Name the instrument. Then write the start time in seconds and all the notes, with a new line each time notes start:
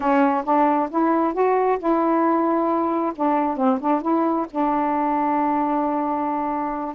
saxophone
0.00 C#4
0.44 D4
0.90 E4
1.33 F#4
1.78 E4
3.15 D4
3.56 C4
3.80 D4
4.01 E4
4.50 D4